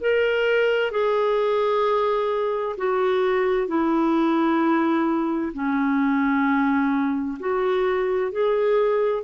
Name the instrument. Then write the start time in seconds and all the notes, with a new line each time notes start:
clarinet
0.00 A#4
0.91 G#4
2.77 F#4
3.68 E4
5.53 C#4
7.40 F#4
8.32 G#4